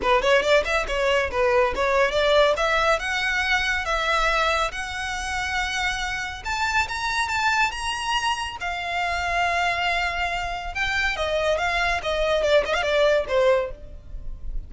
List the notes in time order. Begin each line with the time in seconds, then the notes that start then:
0.01 B4
0.22 C#5
0.42 D5
0.64 E5
0.87 C#5
1.31 B4
1.75 C#5
2.11 D5
2.56 E5
2.99 F#5
3.85 E5
4.71 F#5
6.44 A5
6.88 A#5
7.28 A5
7.71 A#5
8.60 F5
10.74 G5
11.16 D#5
11.58 F5
12.03 D#5
12.42 D5
12.65 D#5
12.74 F5
12.82 D5
13.28 C5